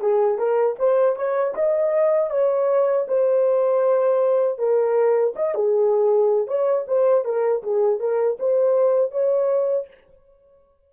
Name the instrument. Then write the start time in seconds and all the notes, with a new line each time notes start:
horn
0.00 G#4
0.38 A#4
0.79 C5
1.16 C#5
1.54 D#5
2.30 C#5
3.07 C5
4.58 A#4
5.36 D#5
5.54 G#4
6.47 C#5
6.87 C5
7.24 A#4
7.63 G#4
8.00 A#4
8.39 C5
9.11 C#5